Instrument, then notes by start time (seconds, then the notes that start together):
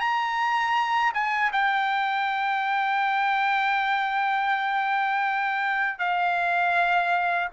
trumpet
0.00 A#5
1.14 G#5
1.52 G5
5.99 F5